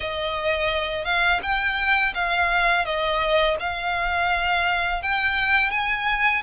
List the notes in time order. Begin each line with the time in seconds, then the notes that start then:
0.00 D#5
1.05 F5
1.42 G5
2.14 F5
2.85 D#5
3.59 F5
5.02 G5
5.70 G#5